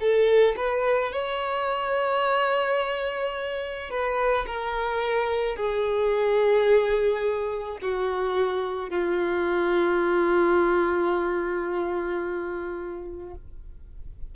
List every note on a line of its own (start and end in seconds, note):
0.00 0.56 A4
0.57 1.12 B4
1.12 3.90 C#5
3.90 4.46 B4
4.46 5.56 A#4
5.56 7.78 G#4
7.82 8.90 F#4
8.90 13.34 F4